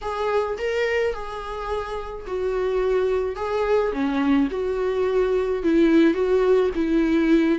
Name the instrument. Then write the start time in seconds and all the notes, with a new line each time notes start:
viola
0.01 G#4
0.58 A#4
1.13 G#4
2.26 F#4
3.35 G#4
3.92 C#4
4.51 F#4
5.63 E4
6.14 F#4
6.75 E4